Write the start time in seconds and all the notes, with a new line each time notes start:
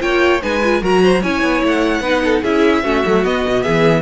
0.00 A#3 F4 C#5 G5
0.42 G#3 D#4 B4 G#5
0.63 F4
0.81 F#3 F#4 A#4 A#5
1.03 C5
1.22 C#4 E4 C#5 G#5
1.42 B3
1.63 A3 F#5
2.00 B3 D#4 B4
2.24 A4
2.42 C#4 E4 G#4 E5
2.84 A3 C#4 F#4
3.05 F#3 A3
3.24 B3 D#5
3.47 B2
3.62 E3 G#4 E5